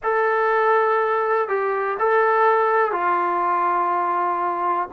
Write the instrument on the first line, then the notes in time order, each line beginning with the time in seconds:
trombone
0.03 A4
1.48 G4
1.99 A4
2.92 F4